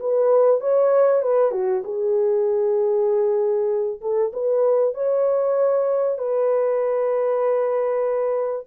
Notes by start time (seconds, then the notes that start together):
0.00 B4
0.61 C#5
1.22 B4
1.52 F#4
1.84 G#4
4.01 A4
4.33 B4
4.95 C#5
6.19 B4